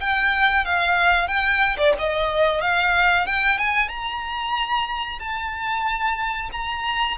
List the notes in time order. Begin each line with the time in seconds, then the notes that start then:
0.00 G5
0.65 F5
1.27 G5
1.77 D5
1.98 D#5
2.61 F5
3.26 G5
3.58 G#5
3.88 A#5
5.19 A5
6.52 A#5